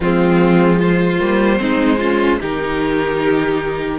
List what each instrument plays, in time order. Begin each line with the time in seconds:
0.00 cello F3, viola G#3, violin C4 F4
0.78 violin F4 C5
1.19 cello G3, viola A#3
1.58 cello G#3, viola C4, violin D#4
1.99 viola C#4, violin F4
2.40 cello D#3, viola D#4, violin G4 A#4